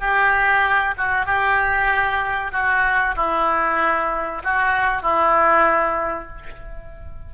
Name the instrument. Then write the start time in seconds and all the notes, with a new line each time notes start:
oboe
0.00 G4
0.97 F#4
1.25 G4
2.52 F#4
3.16 E4
4.44 F#4
5.02 E4